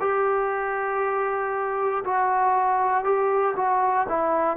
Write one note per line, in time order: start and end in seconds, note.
0.00 2.03 G4
2.04 3.04 F#4
3.04 3.55 G4
3.56 4.07 F#4
4.09 4.57 E4